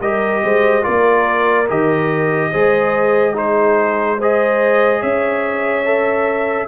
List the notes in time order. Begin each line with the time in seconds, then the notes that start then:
0.00 G3 G4 A#4 D#5
0.43 G#3 C5
0.82 A#3 F4 A#4 D5
1.68 D#3 G4 D#5
2.51 G#3 G#4 C5
3.34 D#4 G#4 C5
4.17 G#4 C5 D#5
5.00 C#4 C#5 E5
5.85 A4